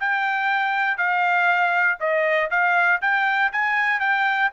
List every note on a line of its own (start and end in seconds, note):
0.00 0.98 G5
0.98 1.98 F5
2.00 2.50 D#5
2.51 3.01 F5
3.02 3.52 G5
3.52 4.00 G#5
4.00 4.50 G5